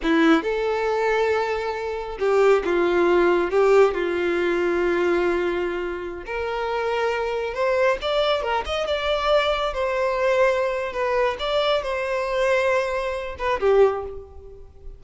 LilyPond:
\new Staff \with { instrumentName = "violin" } { \time 4/4 \tempo 4 = 137 e'4 a'2.~ | a'4 g'4 f'2 | g'4 f'2.~ | f'2~ f'16 ais'4.~ ais'16~ |
ais'4~ ais'16 c''4 d''4 ais'8 dis''16~ | dis''16 d''2 c''4.~ c''16~ | c''4 b'4 d''4 c''4~ | c''2~ c''8 b'8 g'4 | }